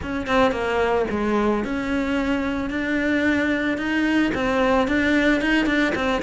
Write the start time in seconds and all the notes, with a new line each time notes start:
0.02 C#4
0.27 C4
0.51 A#3
1.10 G#3
1.64 C#4
2.70 D4
3.77 D#4
4.34 C4
4.87 D4
5.41 D#4
5.66 D4
5.95 C4